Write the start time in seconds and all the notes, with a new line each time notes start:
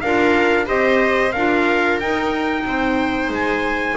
0.00 D4 F4 A#4 F5
0.65 C4 G4 C5 D#5
1.32 D4 F4 A#4 F5
2.00 D#4 G5
2.66 C4 C5
3.29 G#3 G#5